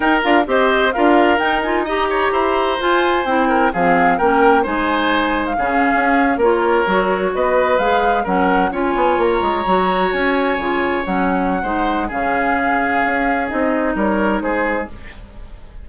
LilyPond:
<<
  \new Staff \with { instrumentName = "flute" } { \time 4/4 \tempo 4 = 129 g''8 f''8 dis''4 f''4 g''8 gis''8 | ais''2 gis''4 g''4 | f''4 g''4 gis''4.~ gis''16 f''16~ | f''4.~ f''16 cis''2 dis''16~ |
dis''8. f''4 fis''4 gis''4 ais''16~ | ais''4.~ ais''16 gis''2 fis''16~ | fis''2 f''2~ | f''4 dis''4 cis''4 c''4 | }
  \new Staff \with { instrumentName = "oboe" } { \time 4/4 ais'4 c''4 ais'2 | dis''8 cis''8 c''2~ c''8 ais'8 | gis'4 ais'4 c''2 | gis'4.~ gis'16 ais'2 b'16~ |
b'4.~ b'16 ais'4 cis''4~ cis''16~ | cis''1~ | cis''4 c''4 gis'2~ | gis'2 ais'4 gis'4 | }
  \new Staff \with { instrumentName = "clarinet" } { \time 4/4 dis'8 f'8 g'4 f'4 dis'8 f'8 | g'2 f'4 e'4 | c'4 cis'4 dis'2 | cis'4.~ cis'16 f'4 fis'4~ fis'16~ |
fis'8. gis'4 cis'4 f'4~ f'16~ | f'8. fis'2 f'4 cis'16~ | cis'4 dis'4 cis'2~ | cis'4 dis'2. | }
  \new Staff \with { instrumentName = "bassoon" } { \time 4/4 dis'8 d'8 c'4 d'4 dis'4~ | dis'4 e'4 f'4 c'4 | f4 ais4 gis2 | cis8. cis'4 ais4 fis4 b16~ |
b8. gis4 fis4 cis'8 b8 ais16~ | ais16 gis8 fis4 cis'4 cis4 fis16~ | fis4 gis4 cis2 | cis'4 c'4 g4 gis4 | }
>>